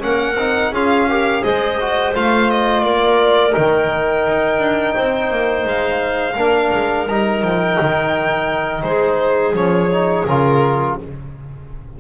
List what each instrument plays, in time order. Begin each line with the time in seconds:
0.00 double bass A#3, trombone C#4, clarinet A#4, violin F#5
0.36 double bass C4, trombone D#4
0.72 double bass C#4, trombone F4, clarinet G#4, violin F5
1.08 trombone G4, clarinet A#4
1.43 double bass G#3, trombone G#4, clarinet C5, violin D#5
1.81 trombone F#4
2.15 double bass A3, trombone F4, violin F5
2.51 violin D#5
2.84 double bass A#3, clarinet A#4, violin D5
3.51 trombone D#4, violin G5
3.57 double bass D#3
4.28 double bass D#4
4.59 double bass D4
4.95 double bass C4, clarinet C5
5.31 double bass A#3
5.65 double bass G#3, violin F5
6.36 double bass A#3, trombone D4, clarinet A#4
6.74 double bass G#3
7.08 double bass G3, trombone D#4, violin A#5
7.42 double bass F3, violin G5
7.81 double bass D#3
8.83 double bass G#3, clarinet G#4, violin C5
9.53 double bass F3, trombone C#4, violin C#5
9.91 trombone D#4
10.26 double bass C#3, trombone F4, violin A#4